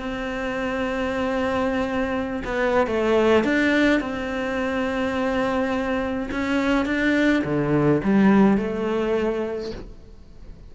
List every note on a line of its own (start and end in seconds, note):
0.00 2.43 C4
2.45 2.87 B3
2.87 3.44 A3
3.44 4.01 D4
4.01 6.29 C4
6.31 6.86 C#4
6.86 7.43 D4
7.45 8.02 D3
8.04 8.57 G3
8.57 9.72 A3